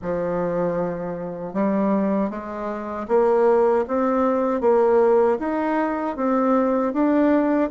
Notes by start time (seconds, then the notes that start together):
0.02 F3
1.53 G3
2.30 G#3
3.08 A#3
3.87 C4
4.60 A#3
5.39 D#4
6.16 C4
6.93 D4